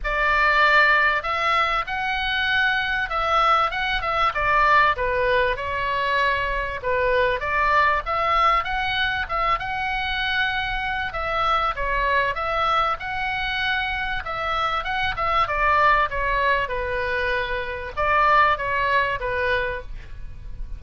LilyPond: \new Staff \with { instrumentName = "oboe" } { \time 4/4 \tempo 4 = 97 d''2 e''4 fis''4~ | fis''4 e''4 fis''8 e''8 d''4 | b'4 cis''2 b'4 | d''4 e''4 fis''4 e''8 fis''8~ |
fis''2 e''4 cis''4 | e''4 fis''2 e''4 | fis''8 e''8 d''4 cis''4 b'4~ | b'4 d''4 cis''4 b'4 | }